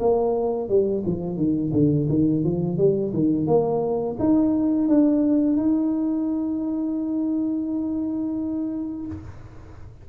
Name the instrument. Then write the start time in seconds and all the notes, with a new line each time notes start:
tuba
0.00 A#3
0.69 G3
1.06 F3
1.37 D#3
1.73 D3
2.09 D#3
2.44 F3
2.77 G3
3.14 D#3
3.47 A#3
4.19 D#4
4.88 D4
5.57 D#4